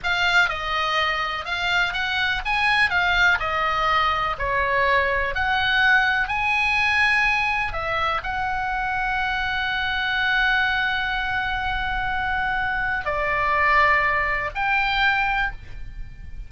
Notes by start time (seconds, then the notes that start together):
0.03 F5
0.49 D#5
1.45 F5
1.93 F#5
2.45 G#5
2.90 F5
3.39 D#5
4.38 C#5
5.34 F#5
6.27 G#5
7.72 E5
8.23 F#5
13.05 D5
14.54 G5